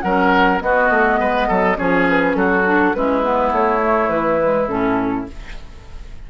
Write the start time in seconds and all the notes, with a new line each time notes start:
0.00 F#3 C#4 A#4 F#5
0.60 B3 F#4 D#5
0.90 A3
1.19 G#3 B4
1.48 F#3 A4
1.76 F3 C#4 G#4 C#5
2.09 B4
2.35 F#3 F#4 A4
2.65 D4
2.93 G#3 C#4 E4 B4
3.22 B3
3.52 A3 C#5
3.82 A3
4.08 E3 B4
4.41 G#3
4.67 A2 C#4 A4